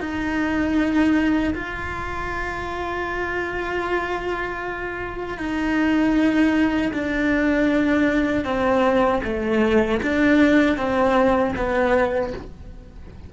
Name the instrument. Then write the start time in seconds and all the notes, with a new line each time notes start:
cello
0.00 D#4
1.54 F4
5.38 D#4
6.93 D4
8.44 C4
9.23 A3
10.02 D4
10.77 C4
11.56 B3